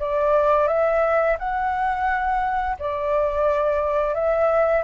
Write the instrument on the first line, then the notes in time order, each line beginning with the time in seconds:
flute
0.00 D5
0.68 E5
1.39 F#5
2.79 D5
4.15 E5